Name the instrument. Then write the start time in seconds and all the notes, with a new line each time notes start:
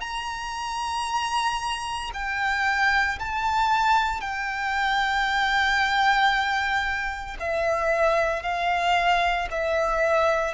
violin
0.00 A#5
2.13 G5
3.19 A5
4.21 G5
7.39 E5
8.43 F5
9.51 E5